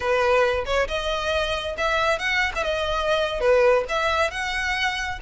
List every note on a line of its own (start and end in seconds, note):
0.00 0.64 B4
0.65 0.87 C#5
0.87 1.76 D#5
1.77 2.18 E5
2.18 2.51 F#5
2.55 2.63 E5
2.63 3.40 D#5
3.40 3.84 B4
3.88 4.30 E5
4.30 5.19 F#5